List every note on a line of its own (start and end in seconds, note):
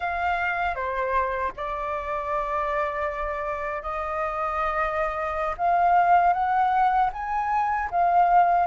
0.00 0.75 F5
0.75 1.52 C5
1.56 3.82 D5
3.82 5.55 D#5
5.57 6.33 F5
6.33 7.10 F#5
7.12 7.89 G#5
7.91 8.66 F5